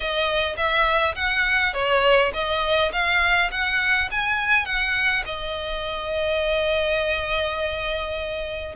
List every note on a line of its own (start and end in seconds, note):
0.00 0.56 D#5
0.56 1.15 E5
1.15 1.73 F#5
1.73 2.31 C#5
2.33 2.91 D#5
2.92 3.50 F5
3.51 4.09 F#5
4.11 4.65 G#5
4.65 5.23 F#5
5.25 8.75 D#5